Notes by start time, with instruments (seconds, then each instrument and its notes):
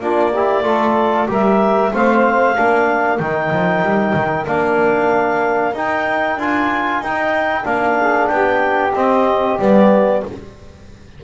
0.00 double bass A#3, trombone D4, saxophone F4, clarinet D5
0.32 trombone E4, saxophone G4
0.63 double bass A3, trombone F4, saxophone A4
1.28 double bass G3, trombone G4, saxophone A#4, clarinet E5
1.93 double bass A3, trombone C4, saxophone C5, clarinet F5
2.55 double bass A#3, trombone D4, saxophone A#4
3.18 double bass D#3, trombone D#4, clarinet G5
3.52 double bass F3
3.82 double bass G3
4.14 double bass D#3
4.47 double bass A#3, trombone D4, clarinet F5
5.73 double bass D#4, trombone D#4, clarinet G5
6.36 double bass D4, trombone F4, clarinet G#5
7.00 double bass D#4, trombone D#4, clarinet G5
7.63 double bass A#3, trombone D4, clarinet F5
7.99 saxophone G#4
8.28 double bass B3, saxophone G4, clarinet G5
8.94 double bass C4, trombone C4, clarinet D#5
9.59 double bass G3, trombone B3, clarinet D5